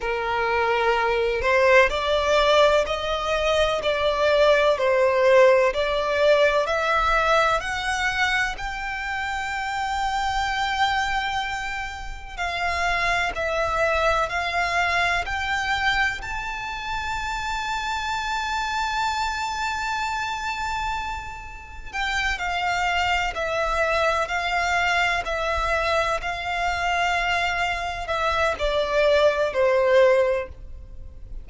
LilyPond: \new Staff \with { instrumentName = "violin" } { \time 4/4 \tempo 4 = 63 ais'4. c''8 d''4 dis''4 | d''4 c''4 d''4 e''4 | fis''4 g''2.~ | g''4 f''4 e''4 f''4 |
g''4 a''2.~ | a''2. g''8 f''8~ | f''8 e''4 f''4 e''4 f''8~ | f''4. e''8 d''4 c''4 | }